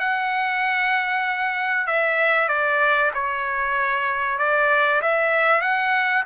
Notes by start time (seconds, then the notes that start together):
0.00 F#5
1.87 E5
2.49 D5
3.14 C#5
4.39 D5
5.02 E5
5.61 F#5